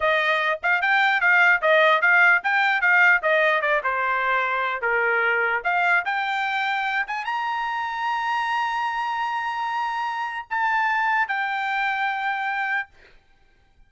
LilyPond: \new Staff \with { instrumentName = "trumpet" } { \time 4/4 \tempo 4 = 149 dis''4. f''8 g''4 f''4 | dis''4 f''4 g''4 f''4 | dis''4 d''8 c''2~ c''8 | ais'2 f''4 g''4~ |
g''4. gis''8 ais''2~ | ais''1~ | ais''2 a''2 | g''1 | }